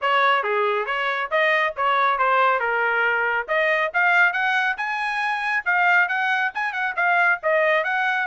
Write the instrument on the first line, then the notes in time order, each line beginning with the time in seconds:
trumpet
0.01 C#5
0.43 G#4
0.86 C#5
1.30 D#5
1.76 C#5
2.18 C5
2.59 A#4
3.48 D#5
3.93 F5
4.32 F#5
4.77 G#5
5.65 F5
6.08 F#5
6.54 G#5
6.72 F#5
6.95 F5
7.42 D#5
7.84 F#5